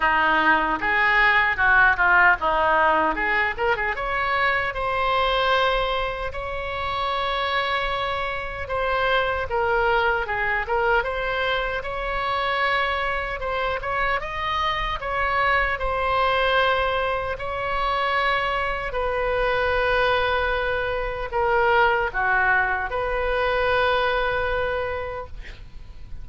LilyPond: \new Staff \with { instrumentName = "oboe" } { \time 4/4 \tempo 4 = 76 dis'4 gis'4 fis'8 f'8 dis'4 | gis'8 ais'16 gis'16 cis''4 c''2 | cis''2. c''4 | ais'4 gis'8 ais'8 c''4 cis''4~ |
cis''4 c''8 cis''8 dis''4 cis''4 | c''2 cis''2 | b'2. ais'4 | fis'4 b'2. | }